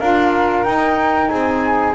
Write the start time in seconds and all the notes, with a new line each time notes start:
0.00 D4 F4 A#4 F5
0.64 D#4 G5
1.29 C4 G#4 G#5